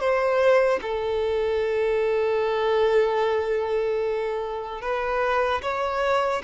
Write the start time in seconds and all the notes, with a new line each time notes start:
0.00 C5
0.82 A4
4.81 B4
5.62 C#5